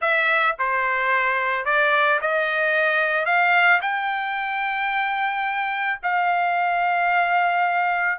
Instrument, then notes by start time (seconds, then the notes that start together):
trumpet
0.01 E5
0.58 C5
1.65 D5
2.21 D#5
3.25 F5
3.81 G5
6.02 F5